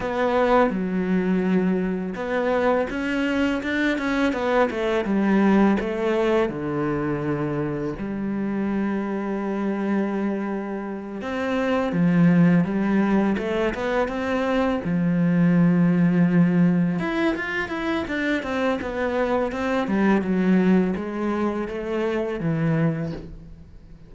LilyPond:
\new Staff \with { instrumentName = "cello" } { \time 4/4 \tempo 4 = 83 b4 fis2 b4 | cis'4 d'8 cis'8 b8 a8 g4 | a4 d2 g4~ | g2.~ g8 c'8~ |
c'8 f4 g4 a8 b8 c'8~ | c'8 f2. e'8 | f'8 e'8 d'8 c'8 b4 c'8 g8 | fis4 gis4 a4 e4 | }